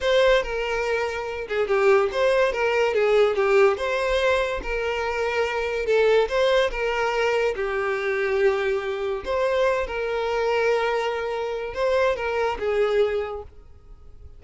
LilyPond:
\new Staff \with { instrumentName = "violin" } { \time 4/4 \tempo 4 = 143 c''4 ais'2~ ais'8 gis'8 | g'4 c''4 ais'4 gis'4 | g'4 c''2 ais'4~ | ais'2 a'4 c''4 |
ais'2 g'2~ | g'2 c''4. ais'8~ | ais'1 | c''4 ais'4 gis'2 | }